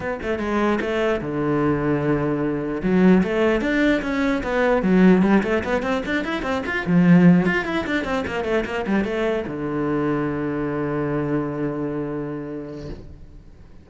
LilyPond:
\new Staff \with { instrumentName = "cello" } { \time 4/4 \tempo 4 = 149 b8 a8 gis4 a4 d4~ | d2. fis4 | a4 d'4 cis'4 b4 | fis4 g8 a8 b8 c'8 d'8 e'8 |
c'8 f'8 f4. f'8 e'8 d'8 | c'8 ais8 a8 ais8 g8 a4 d8~ | d1~ | d1 | }